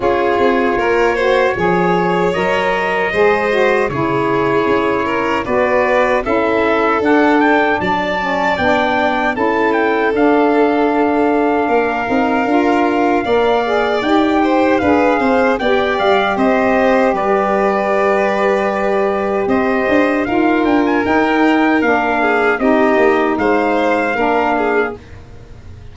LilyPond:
<<
  \new Staff \with { instrumentName = "trumpet" } { \time 4/4 \tempo 4 = 77 cis''2. dis''4~ | dis''4 cis''2 d''4 | e''4 fis''8 g''8 a''4 g''4 | a''8 g''8 f''2.~ |
f''2 g''4 f''4 | g''8 f''8 dis''4 d''2~ | d''4 dis''4 f''8 g''16 gis''16 g''4 | f''4 dis''4 f''2 | }
  \new Staff \with { instrumentName = "violin" } { \time 4/4 gis'4 ais'8 c''8 cis''2 | c''4 gis'4. ais'8 b'4 | a'2 d''2 | a'2. ais'4~ |
ais'4 d''4. c''8 b'8 c''8 | d''4 c''4 b'2~ | b'4 c''4 ais'2~ | ais'8 gis'8 g'4 c''4 ais'8 gis'8 | }
  \new Staff \with { instrumentName = "saxophone" } { \time 4/4 f'4. fis'8 gis'4 ais'4 | gis'8 fis'8 e'2 fis'4 | e'4 d'4. cis'8 d'4 | e'4 d'2~ d'8 dis'8 |
f'4 ais'8 gis'8 g'4 gis'4 | g'1~ | g'2 f'4 dis'4 | d'4 dis'2 d'4 | }
  \new Staff \with { instrumentName = "tuba" } { \time 4/4 cis'8 c'8 ais4 f4 fis4 | gis4 cis4 cis'4 b4 | cis'4 d'4 fis4 b4 | cis'4 d'2 ais8 c'8 |
d'4 ais4 dis'4 d'8 c'8 | b8 g8 c'4 g2~ | g4 c'8 d'8 dis'8 d'8 dis'4 | ais4 c'8 ais8 gis4 ais4 | }
>>